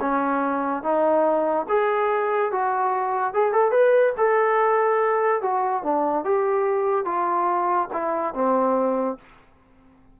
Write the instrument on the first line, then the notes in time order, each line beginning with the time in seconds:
trombone
0.00 C#4
0.82 D#4
1.68 G#4
2.51 F#4
3.34 G#4
3.52 A4
3.71 B4
4.17 A4
5.41 F#4
5.83 D4
6.24 G4
7.05 F4
7.92 E4
8.34 C4